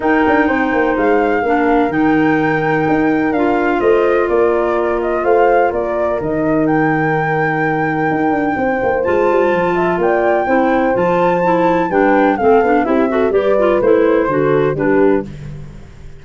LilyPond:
<<
  \new Staff \with { instrumentName = "flute" } { \time 4/4 \tempo 4 = 126 g''2 f''2 | g''2. f''4 | dis''4 d''4. dis''8 f''4 | d''4 dis''4 g''2~ |
g''2. a''4~ | a''4 g''2 a''4~ | a''4 g''4 f''4 e''4 | d''4 c''2 b'4 | }
  \new Staff \with { instrumentName = "horn" } { \time 4/4 ais'4 c''2 ais'4~ | ais'1 | c''4 ais'2 c''4 | ais'1~ |
ais'2 c''2~ | c''8 e''8 d''4 c''2~ | c''4 b'4 a'4 g'8 a'8 | b'2 a'4 g'4 | }
  \new Staff \with { instrumentName = "clarinet" } { \time 4/4 dis'2. d'4 | dis'2. f'4~ | f'1~ | f'4 dis'2.~ |
dis'2. f'4~ | f'2 e'4 f'4 | e'4 d'4 c'8 d'8 e'8 fis'8 | g'8 f'8 e'4 fis'4 d'4 | }
  \new Staff \with { instrumentName = "tuba" } { \time 4/4 dis'8 d'8 c'8 ais8 gis4 ais4 | dis2 dis'4 d'4 | a4 ais2 a4 | ais4 dis2.~ |
dis4 dis'8 d'8 c'8 ais8 gis8 g8 | f4 ais4 c'4 f4~ | f4 g4 a8 b8 c'4 | g4 a4 d4 g4 | }
>>